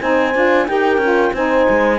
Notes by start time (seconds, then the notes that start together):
0.00 C4 D#4 C5 G#5
0.34 D4 F4
0.67 D#4 G4 A#4 G5
0.97 C#4 F4
1.33 C4 D#4 C5 G#5
1.70 G#3